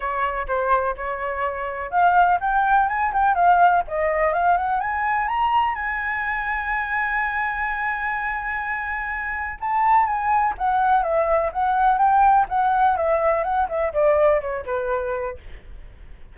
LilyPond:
\new Staff \with { instrumentName = "flute" } { \time 4/4 \tempo 4 = 125 cis''4 c''4 cis''2 | f''4 g''4 gis''8 g''8 f''4 | dis''4 f''8 fis''8 gis''4 ais''4 | gis''1~ |
gis''1 | a''4 gis''4 fis''4 e''4 | fis''4 g''4 fis''4 e''4 | fis''8 e''8 d''4 cis''8 b'4. | }